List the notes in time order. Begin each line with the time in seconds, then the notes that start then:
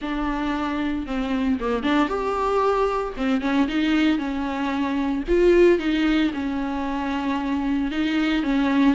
0.01 D4
1.06 C4
1.59 A#3
1.83 D4
2.08 G4
3.17 C4
3.41 C#4
3.68 D#4
4.18 C#4
5.28 F4
5.78 D#4
6.33 C#4
7.91 D#4
8.43 C#4